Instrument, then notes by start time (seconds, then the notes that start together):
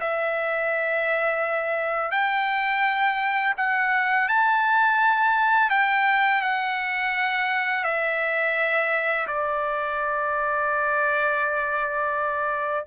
trumpet
0.00 E5
2.11 G5
3.57 F#5
4.28 A5
5.70 G5
6.42 F#5
7.84 E5
9.27 D5